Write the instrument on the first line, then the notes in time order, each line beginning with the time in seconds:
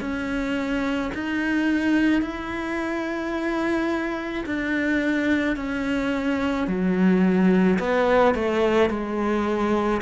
cello
0.00 C#4
1.14 D#4
2.22 E4
4.45 D4
5.56 C#4
6.67 F#3
7.79 B3
8.34 A3
8.89 G#3